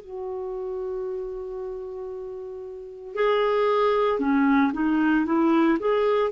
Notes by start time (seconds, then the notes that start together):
0.00 F#4
3.15 G#4
4.19 C#4
4.73 D#4
5.25 E4
5.79 G#4